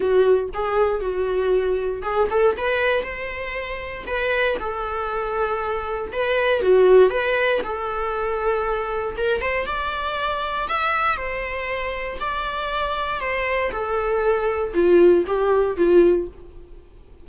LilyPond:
\new Staff \with { instrumentName = "viola" } { \time 4/4 \tempo 4 = 118 fis'4 gis'4 fis'2 | gis'8 a'8 b'4 c''2 | b'4 a'2. | b'4 fis'4 b'4 a'4~ |
a'2 ais'8 c''8 d''4~ | d''4 e''4 c''2 | d''2 c''4 a'4~ | a'4 f'4 g'4 f'4 | }